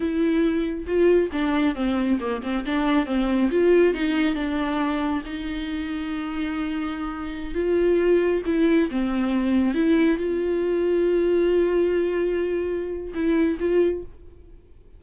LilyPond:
\new Staff \with { instrumentName = "viola" } { \time 4/4 \tempo 4 = 137 e'2 f'4 d'4 | c'4 ais8 c'8 d'4 c'4 | f'4 dis'4 d'2 | dis'1~ |
dis'4~ dis'16 f'2 e'8.~ | e'16 c'2 e'4 f'8.~ | f'1~ | f'2 e'4 f'4 | }